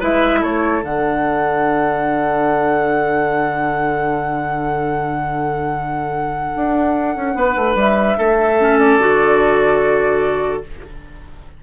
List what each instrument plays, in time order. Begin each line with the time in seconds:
0.00 bassoon G#3, clarinet E4, oboe B4, flute E5
0.40 bassoon A3, oboe A4, flute C#5
0.82 bassoon D3, clarinet D4, flute F#5
6.56 bassoon D4
7.16 bassoon C#4
7.35 bassoon B3, oboe B4
7.56 bassoon A3
7.75 bassoon G3, flute E5
8.18 bassoon A3, oboe A4
8.60 clarinet C#4
8.79 flute D5
9.00 bassoon D3, clarinet F#4